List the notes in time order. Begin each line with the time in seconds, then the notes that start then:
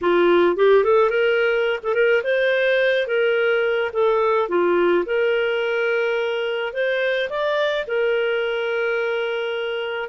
0.01 F4
0.56 G4
0.84 A4
1.10 A#4
1.83 A4
1.94 A#4
2.23 C5
3.07 A#4
3.92 A4
4.48 F4
5.05 A#4
6.73 C5
7.29 D5
7.87 A#4